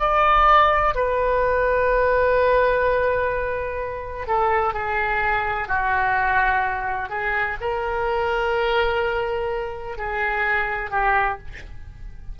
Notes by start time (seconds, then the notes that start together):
0.00 D5
0.95 B4
4.27 A4
4.74 G#4
5.68 F#4
7.09 G#4
7.61 A#4
9.98 G#4
10.90 G4